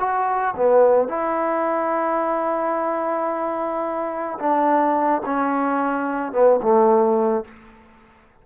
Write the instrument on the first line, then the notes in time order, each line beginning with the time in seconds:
trombone
0.00 F#4
0.57 B3
1.09 E4
4.40 D4
5.26 C#4
6.33 B3
6.63 A3